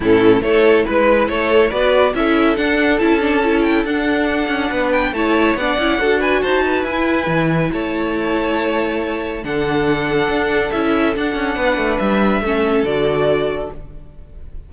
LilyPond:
<<
  \new Staff \with { instrumentName = "violin" } { \time 4/4 \tempo 4 = 140 a'4 cis''4 b'4 cis''4 | d''4 e''4 fis''4 a''4~ | a''8 g''8 fis''2~ fis''8 g''8 | a''4 fis''4. gis''8 a''4 |
gis''2 a''2~ | a''2 fis''2~ | fis''4 e''4 fis''2 | e''2 d''2 | }
  \new Staff \with { instrumentName = "violin" } { \time 4/4 e'4 a'4 b'4 a'4 | b'4 a'2.~ | a'2. b'4 | cis''4 d''4 a'8 b'8 c''8 b'8~ |
b'2 cis''2~ | cis''2 a'2~ | a'2. b'4~ | b'4 a'2. | }
  \new Staff \with { instrumentName = "viola" } { \time 4/4 cis'4 e'2. | fis'4 e'4 d'4 e'8 d'8 | e'4 d'2. | e'4 d'8 e'8 fis'2 |
e'1~ | e'2 d'2~ | d'4 e'4 d'2~ | d'4 cis'4 fis'2 | }
  \new Staff \with { instrumentName = "cello" } { \time 4/4 a,4 a4 gis4 a4 | b4 cis'4 d'4 cis'4~ | cis'4 d'4. cis'8 b4 | a4 b8 cis'8 d'4 dis'4 |
e'4 e4 a2~ | a2 d2 | d'4 cis'4 d'8 cis'8 b8 a8 | g4 a4 d2 | }
>>